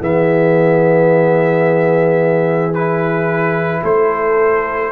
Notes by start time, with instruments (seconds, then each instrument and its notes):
0.00 tuba E3, trombone B3, horn G#4, trumpet E5
2.74 trombone E4, trumpet B4
3.84 tuba A3, horn A4, trumpet C5